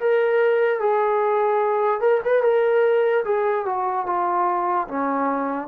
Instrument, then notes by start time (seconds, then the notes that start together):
trombone
0.00 A#4
0.80 G#4
2.01 A#4
2.25 B4
2.43 A#4
3.25 G#4
3.66 F#4
4.07 F4
4.88 C#4